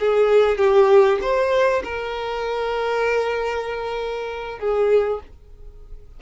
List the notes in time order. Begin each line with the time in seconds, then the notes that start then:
0.00 G#4
0.58 G4
1.22 C5
1.84 A#4
4.59 G#4